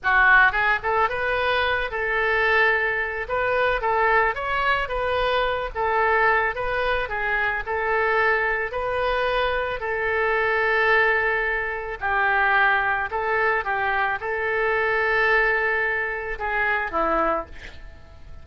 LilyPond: \new Staff \with { instrumentName = "oboe" } { \time 4/4 \tempo 4 = 110 fis'4 gis'8 a'8 b'4. a'8~ | a'2 b'4 a'4 | cis''4 b'4. a'4. | b'4 gis'4 a'2 |
b'2 a'2~ | a'2 g'2 | a'4 g'4 a'2~ | a'2 gis'4 e'4 | }